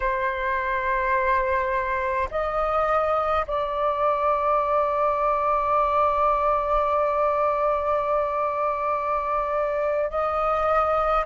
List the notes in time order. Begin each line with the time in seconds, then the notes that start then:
0.00 C5
2.30 D#5
3.47 D5
10.10 D#5